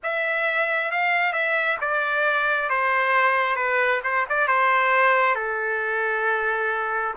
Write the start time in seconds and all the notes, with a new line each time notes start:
0.03 E5
0.91 F5
1.32 E5
1.80 D5
2.69 C5
3.56 B4
4.03 C5
4.29 D5
4.47 C5
5.35 A4